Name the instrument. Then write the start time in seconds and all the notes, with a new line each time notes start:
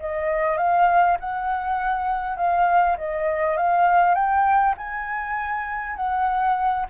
flute
0.00 D#5
0.58 F5
1.20 F#5
2.37 F5
2.98 D#5
3.57 F5
4.15 G5
4.78 G#5
5.96 F#5